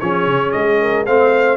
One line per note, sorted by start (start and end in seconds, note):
0.00 0.27 F3
0.00 1.06 C#4
0.00 0.81 G#4
0.00 0.52 C#5
0.27 0.54 C#3
0.52 1.08 G#3
0.52 1.05 D#5
0.81 1.06 A#4
1.06 1.57 A3
1.06 1.57 C4
1.06 1.57 C5
1.06 1.57 F5